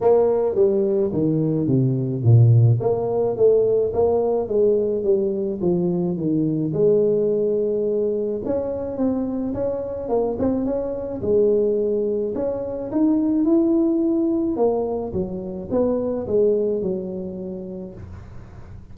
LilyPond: \new Staff \with { instrumentName = "tuba" } { \time 4/4 \tempo 4 = 107 ais4 g4 dis4 c4 | ais,4 ais4 a4 ais4 | gis4 g4 f4 dis4 | gis2. cis'4 |
c'4 cis'4 ais8 c'8 cis'4 | gis2 cis'4 dis'4 | e'2 ais4 fis4 | b4 gis4 fis2 | }